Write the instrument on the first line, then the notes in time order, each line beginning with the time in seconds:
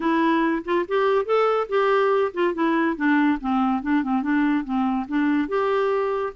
clarinet
0.00 E4
0.64 F4
0.87 G4
1.25 A4
1.68 G4
2.33 F4
2.54 E4
2.96 D4
3.40 C4
3.82 D4
4.03 C4
4.22 D4
4.64 C4
5.08 D4
5.48 G4